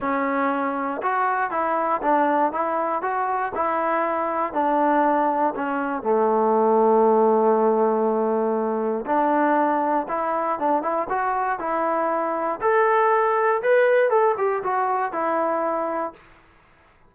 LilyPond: \new Staff \with { instrumentName = "trombone" } { \time 4/4 \tempo 4 = 119 cis'2 fis'4 e'4 | d'4 e'4 fis'4 e'4~ | e'4 d'2 cis'4 | a1~ |
a2 d'2 | e'4 d'8 e'8 fis'4 e'4~ | e'4 a'2 b'4 | a'8 g'8 fis'4 e'2 | }